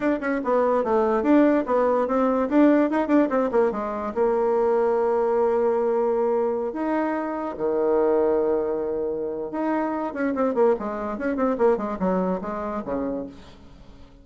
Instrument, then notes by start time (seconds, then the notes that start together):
bassoon
0.00 D4
0.20 C#4
0.43 B3
0.84 A3
1.22 D4
1.66 B3
2.07 C4
2.49 D4
2.90 D#4
3.07 D4
3.29 C4
3.51 A#3
3.71 G#3
4.14 A#3
6.72 D#4
7.57 D#3
9.51 D#4
10.13 C#4
10.34 C4
10.54 A#3
10.79 G#3
11.18 C#4
11.36 C4
11.58 A#3
11.77 G#3
11.99 F#3
12.41 G#3
12.84 C#3